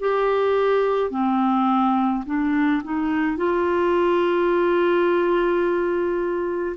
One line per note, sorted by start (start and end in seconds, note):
0.00 1.11 G4
1.11 2.24 C4
2.26 2.83 D4
2.84 3.38 D#4
3.38 6.77 F4